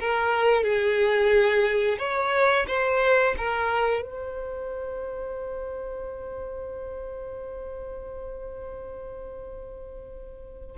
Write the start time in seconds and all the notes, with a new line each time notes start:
0.00 A#4
0.63 G#4
1.99 C#5
2.68 C5
3.38 A#4
4.02 C5